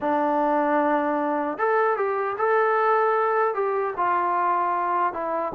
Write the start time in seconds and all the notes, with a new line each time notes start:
0.00 D4
1.58 A4
1.97 G4
2.37 A4
3.54 G4
3.96 F4
5.13 E4